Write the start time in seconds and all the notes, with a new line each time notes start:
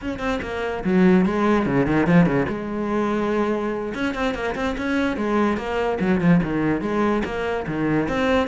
0.01 C#4
0.19 C4
0.42 A#3
0.84 F#3
1.25 G#3
1.66 C#3
1.86 D#3
2.06 F3
2.26 C#3
2.48 G#3
3.94 C#4
4.14 C4
4.34 A#3
4.55 C4
4.77 C#4
5.16 G#3
5.57 A#3
6.00 F#3
6.20 F3
6.43 D#3
6.81 G#3
7.24 A#3
7.67 D#3
8.08 C4